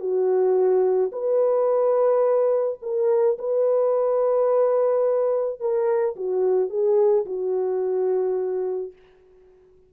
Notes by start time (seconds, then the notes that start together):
0.00 F#4
1.12 B4
2.82 A#4
3.38 B4
5.60 A#4
6.16 F#4
6.70 G#4
7.26 F#4